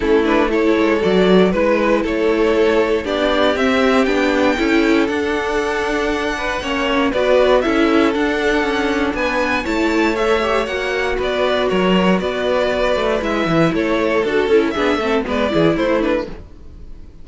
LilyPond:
<<
  \new Staff \with { instrumentName = "violin" } { \time 4/4 \tempo 4 = 118 a'8 b'8 cis''4 d''4 b'4 | cis''2 d''4 e''4 | g''2 fis''2~ | fis''2 d''4 e''4 |
fis''2 gis''4 a''4 | e''4 fis''4 d''4 cis''4 | d''2 e''4 cis''4 | a'4 e''4 d''4 c''8 b'8 | }
  \new Staff \with { instrumentName = "violin" } { \time 4/4 e'4 a'2 b'4 | a'2 g'2~ | g'4 a'2.~ | a'8 b'8 cis''4 b'4 a'4~ |
a'2 b'4 cis''4~ | cis''2 b'4 ais'4 | b'2. a'4~ | a'4 gis'8 a'8 b'8 gis'8 e'4 | }
  \new Staff \with { instrumentName = "viola" } { \time 4/4 cis'8 d'8 e'4 fis'4 e'4~ | e'2 d'4 c'4 | d'4 e'4 d'2~ | d'4 cis'4 fis'4 e'4 |
d'2. e'4 | a'8 g'8 fis'2.~ | fis'2 e'2 | fis'8 e'8 d'8 c'8 b8 e'4 d'8 | }
  \new Staff \with { instrumentName = "cello" } { \time 4/4 a4. gis8 fis4 gis4 | a2 b4 c'4 | b4 cis'4 d'2~ | d'4 ais4 b4 cis'4 |
d'4 cis'4 b4 a4~ | a4 ais4 b4 fis4 | b4. a8 gis8 e8 a4 | d'8 cis'8 b8 a8 gis8 e8 a4 | }
>>